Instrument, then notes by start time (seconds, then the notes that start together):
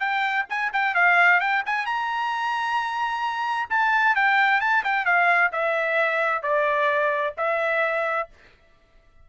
trumpet
0.00 G5
0.50 G#5
0.73 G5
0.95 F5
1.40 G5
1.66 G#5
1.86 A#5
3.70 A5
4.16 G5
4.61 A5
4.84 G5
5.05 F5
5.53 E5
6.43 D5
7.38 E5